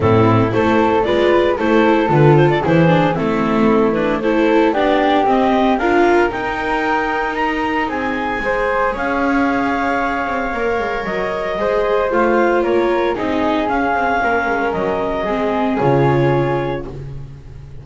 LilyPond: <<
  \new Staff \with { instrumentName = "clarinet" } { \time 4/4 \tempo 4 = 114 a'4 c''4 d''4 c''4 | b'8 c''16 d''16 c''4 a'4. b'8 | c''4 d''4 dis''4 f''4 | g''2 ais''4 gis''4~ |
gis''4 f''2.~ | f''4 dis''2 f''4 | cis''4 dis''4 f''2 | dis''2 cis''2 | }
  \new Staff \with { instrumentName = "flute" } { \time 4/4 e'4 a'4 b'4 a'4~ | a'4 gis'4 e'2 | a'4 g'2 ais'4~ | ais'2. gis'4 |
c''4 cis''2.~ | cis''2 c''2 | ais'4 gis'2 ais'4~ | ais'4 gis'2. | }
  \new Staff \with { instrumentName = "viola" } { \time 4/4 c'4 e'4 f'4 e'4 | f'4 e'8 d'8 c'4. d'8 | e'4 d'4 c'4 f'4 | dis'1 |
gis'1 | ais'2 gis'4 f'4~ | f'4 dis'4 cis'2~ | cis'4 c'4 f'2 | }
  \new Staff \with { instrumentName = "double bass" } { \time 4/4 a,4 a4 gis4 a4 | d4 e4 a2~ | a4 b4 c'4 d'4 | dis'2. c'4 |
gis4 cis'2~ cis'8 c'8 | ais8 gis8 fis4 gis4 a4 | ais4 c'4 cis'8 c'8 ais8 gis8 | fis4 gis4 cis2 | }
>>